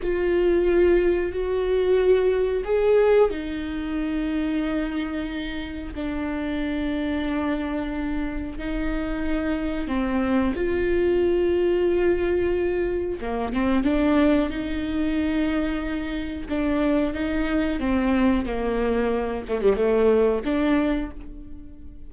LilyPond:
\new Staff \with { instrumentName = "viola" } { \time 4/4 \tempo 4 = 91 f'2 fis'2 | gis'4 dis'2.~ | dis'4 d'2.~ | d'4 dis'2 c'4 |
f'1 | ais8 c'8 d'4 dis'2~ | dis'4 d'4 dis'4 c'4 | ais4. a16 g16 a4 d'4 | }